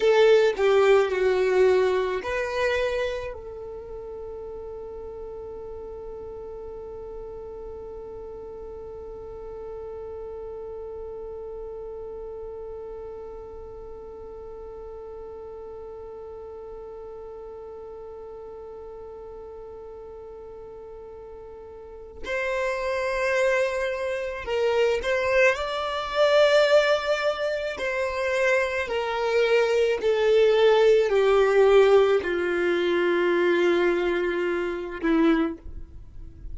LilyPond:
\new Staff \with { instrumentName = "violin" } { \time 4/4 \tempo 4 = 54 a'8 g'8 fis'4 b'4 a'4~ | a'1~ | a'1~ | a'1~ |
a'1 | c''2 ais'8 c''8 d''4~ | d''4 c''4 ais'4 a'4 | g'4 f'2~ f'8 e'8 | }